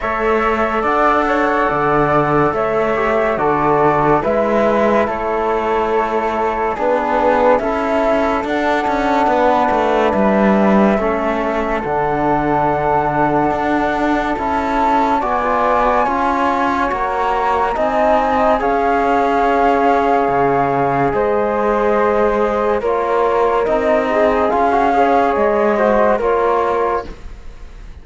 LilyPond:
<<
  \new Staff \with { instrumentName = "flute" } { \time 4/4 \tempo 4 = 71 e''4 fis''2 e''4 | d''4 e''4 cis''2 | b'4 e''4 fis''2 | e''2 fis''2~ |
fis''4 a''4 gis''2 | ais''4 gis''4 f''2~ | f''4 dis''2 cis''4 | dis''4 f''4 dis''4 cis''4 | }
  \new Staff \with { instrumentName = "flute" } { \time 4/4 cis''4 d''8 cis''8 d''4 cis''4 | a'4 b'4 a'2 | gis'4 a'2 b'4~ | b'4 a'2.~ |
a'2 d''4 cis''4~ | cis''4 dis''4 cis''2~ | cis''4 c''2 ais'4~ | ais'8 gis'4 cis''4 c''8 ais'4 | }
  \new Staff \with { instrumentName = "trombone" } { \time 4/4 a'2.~ a'8 g'8 | fis'4 e'2. | d'4 e'4 d'2~ | d'4 cis'4 d'2~ |
d'4 e'4 fis'16 f'8 fis'16 f'4 | fis'4 dis'4 gis'2~ | gis'2. f'4 | dis'4 f'16 fis'16 gis'4 fis'8 f'4 | }
  \new Staff \with { instrumentName = "cello" } { \time 4/4 a4 d'4 d4 a4 | d4 gis4 a2 | b4 cis'4 d'8 cis'8 b8 a8 | g4 a4 d2 |
d'4 cis'4 b4 cis'4 | ais4 c'4 cis'2 | cis4 gis2 ais4 | c'4 cis'4 gis4 ais4 | }
>>